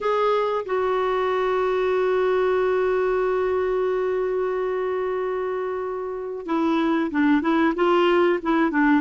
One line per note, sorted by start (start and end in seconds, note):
0.00 0.65 G#4
0.65 6.45 F#4
6.45 7.10 E4
7.10 7.41 D4
7.41 7.74 E4
7.75 8.39 F4
8.42 8.70 E4
8.70 9.01 D4